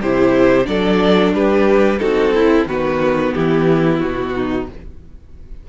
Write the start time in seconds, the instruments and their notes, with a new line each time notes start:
0.00 cello C3, viola E4, violin G4 C5
0.64 cello F#3, viola D4, violin A4 D5
1.33 cello G3, violin G4 B4
1.99 cello C4, viola D#4, violin F#4 A4
2.35 violin E4, viola E4
2.65 cello D#3, viola B3, violin F#4 B4
3.33 cello E3, violin E4 G4
3.99 cello B2, violin F#4
4.34 violin D#4